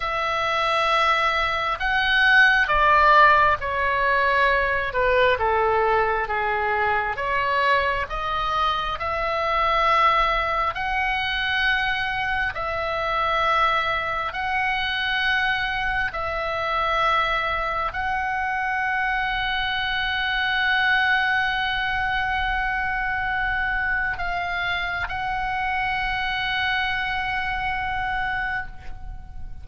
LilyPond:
\new Staff \with { instrumentName = "oboe" } { \time 4/4 \tempo 4 = 67 e''2 fis''4 d''4 | cis''4. b'8 a'4 gis'4 | cis''4 dis''4 e''2 | fis''2 e''2 |
fis''2 e''2 | fis''1~ | fis''2. f''4 | fis''1 | }